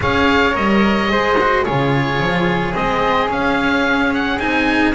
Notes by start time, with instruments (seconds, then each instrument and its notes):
0.00 double bass C#4, cello G#4, flute C#5, oboe F5
0.52 double bass G3, cello A#4, oboe D#5
1.07 double bass G#3, cello G#4, flute C5
1.40 cello F#4
1.64 double bass C#3, cello F4, flute G#4, oboe C#5
2.19 double bass F3
2.73 double bass G#3, cello C4, oboe D#5
3.28 cello C#4, double bass C#4, oboe F5
4.14 oboe F#5
4.39 double bass C4, cello D#4, oboe G#5